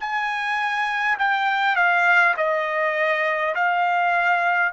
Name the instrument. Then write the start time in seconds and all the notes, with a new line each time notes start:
trumpet
0.00 G#5
1.18 G5
1.75 F5
2.37 D#5
3.55 F5